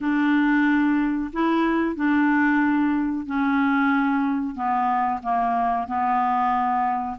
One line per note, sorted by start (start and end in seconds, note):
0.01 1.31 D4
1.32 1.95 E4
1.95 3.26 D4
3.26 4.55 C#4
4.55 5.20 B3
5.23 5.87 A#3
5.87 7.17 B3